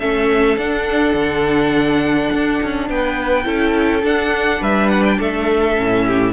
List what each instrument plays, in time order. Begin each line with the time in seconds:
0.00 cello A3, viola C#4, violin A4 E5
0.57 cello D4, viola D4, violin F#5
1.15 cello D3
2.32 cello D4
2.63 cello C#4
2.90 cello B3, violin B4 G5
3.45 cello C#4, viola E4, violin A4
4.03 viola D4, cello D4, violin F#5
4.61 cello G3, violin B4 E5
4.89 violin F#5
5.05 violin G5
5.19 cello A3, violin A4 E5
5.76 cello A2, viola C#4
6.07 violin G4